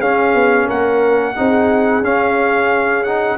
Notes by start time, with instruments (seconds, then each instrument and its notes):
0.00 tuba C#4, trombone C#4, horn G#4, trumpet F5
0.34 tuba B3
0.66 tuba A#3, horn A#4, trumpet F#5
1.36 tuba C4, trombone D#4, horn G#4
2.01 tuba C#4, trombone C#4, trumpet F5
3.04 trombone D#4, trumpet F#5